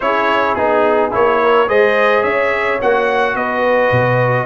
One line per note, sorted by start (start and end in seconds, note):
0.00 0.56 C#4
0.00 0.57 E4
0.00 1.42 G#4
0.00 0.54 C#5
0.54 1.12 B3
0.54 1.11 D#4
0.54 1.10 G#4
1.11 1.68 A#3
1.11 1.67 E4
1.11 1.69 C#5
1.42 1.68 A#4
1.67 2.23 G#3
1.67 2.79 G#4
1.67 2.22 C5
1.67 2.23 D#5
2.22 2.79 C#4
2.22 3.34 C#5
2.22 2.79 E5
2.81 3.34 A#3
2.81 4.46 F#4
2.81 3.36 F#5
3.34 3.91 B3
3.34 4.46 B4
3.34 4.46 D#5
3.91 4.46 B2